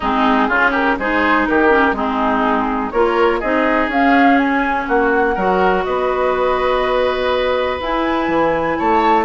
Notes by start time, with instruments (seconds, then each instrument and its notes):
0.00 bassoon G#3, clarinet C4, oboe D#4, flute G#4
0.47 bassoon C#3, clarinet C#4, oboe F4
0.70 oboe G4, flute A#4
0.98 bassoon G#3, clarinet D#4, oboe G#4, flute C5
1.46 bassoon D#3, oboe G4, flute A#4
1.69 clarinet C#4
1.92 bassoon G#3, clarinet C4, oboe D#4, flute G#4
2.91 bassoon A#3, clarinet F4, oboe A#4, flute C#5
3.39 bassoon C4, clarinet D#4, oboe G#4, flute D#5
3.87 bassoon C#4, clarinet C#4, flute F5
4.37 flute G#5
4.88 bassoon A#3, oboe F#4, flute F#5
5.34 bassoon F#3, clarinet F#4, oboe A#4
5.84 bassoon B3, oboe B4, flute D#5
7.80 bassoon E4, clarinet E4, flute G#5
8.27 bassoon E3
8.78 bassoon A3, oboe C#5, flute A5